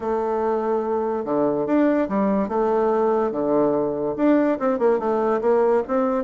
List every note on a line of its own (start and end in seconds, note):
0.00 1.24 A3
1.25 1.66 D3
1.66 2.08 D4
2.08 2.48 G3
2.48 3.31 A3
3.31 4.15 D3
4.16 4.58 D4
4.59 4.79 C4
4.79 4.99 A#3
4.99 5.40 A3
5.41 5.82 A#3
5.87 6.24 C4